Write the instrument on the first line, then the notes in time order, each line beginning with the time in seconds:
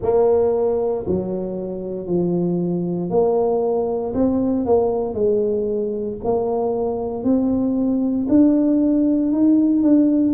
tuba
0.02 A#3
1.06 F#3
2.06 F3
3.10 A#3
4.14 C4
4.65 A#3
5.14 G#3
6.24 A#3
7.23 C4
8.28 D4
9.32 D#4
9.82 D4